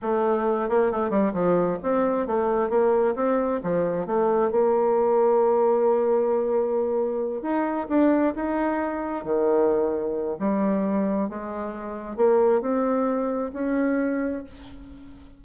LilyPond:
\new Staff \with { instrumentName = "bassoon" } { \time 4/4 \tempo 4 = 133 a4. ais8 a8 g8 f4 | c'4 a4 ais4 c'4 | f4 a4 ais2~ | ais1~ |
ais8 dis'4 d'4 dis'4.~ | dis'8 dis2~ dis8 g4~ | g4 gis2 ais4 | c'2 cis'2 | }